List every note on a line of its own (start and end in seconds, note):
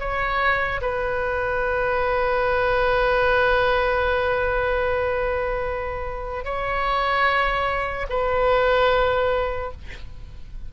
0.00 0.81 C#5
0.81 6.45 B4
6.45 8.07 C#5
8.10 9.72 B4